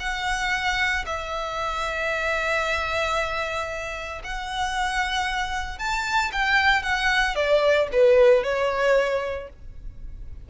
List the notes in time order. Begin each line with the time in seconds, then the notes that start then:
0.00 F#5
1.06 E5
4.24 F#5
5.79 A5
6.32 G5
6.83 F#5
7.35 D5
7.92 B4
8.44 C#5